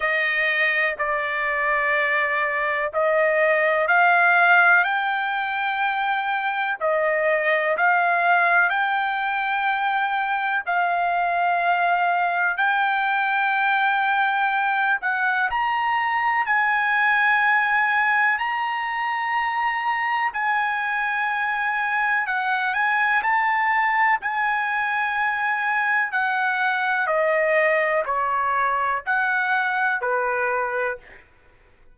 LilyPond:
\new Staff \with { instrumentName = "trumpet" } { \time 4/4 \tempo 4 = 62 dis''4 d''2 dis''4 | f''4 g''2 dis''4 | f''4 g''2 f''4~ | f''4 g''2~ g''8 fis''8 |
ais''4 gis''2 ais''4~ | ais''4 gis''2 fis''8 gis''8 | a''4 gis''2 fis''4 | dis''4 cis''4 fis''4 b'4 | }